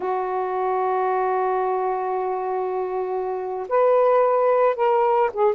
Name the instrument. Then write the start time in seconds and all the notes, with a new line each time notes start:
saxophone
0.00 F#4
3.68 B4
4.75 A#4
5.33 G#4